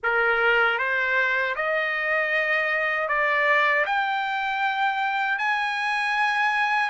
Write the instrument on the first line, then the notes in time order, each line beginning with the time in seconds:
trumpet
0.03 A#4
0.78 C5
1.55 D#5
3.08 D5
3.86 G5
5.38 G#5